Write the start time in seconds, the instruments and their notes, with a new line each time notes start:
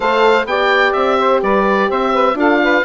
0.00 bassoon A3, horn A4, saxophone C5, oboe F5
0.45 bassoon B3, horn G4, saxophone D5, oboe G5
0.93 bassoon C4, oboe E5
1.18 saxophone C5
1.42 bassoon G3, saxophone B4, oboe D5
1.88 bassoon C4, saxophone C5, oboe E5
2.12 saxophone B4
2.34 bassoon D4, horn F4, saxophone A4, oboe F5
2.63 saxophone B4